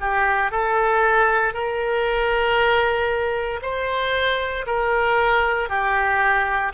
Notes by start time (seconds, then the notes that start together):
0.00 G4
0.51 A4
1.53 A#4
3.62 C5
4.66 A#4
5.69 G4